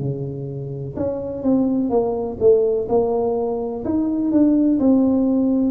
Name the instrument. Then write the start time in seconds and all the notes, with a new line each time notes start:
tuba
0.00 C#3
0.97 C#4
1.43 C4
1.90 A#3
2.40 A3
2.89 A#3
3.85 D#4
4.32 D4
4.80 C4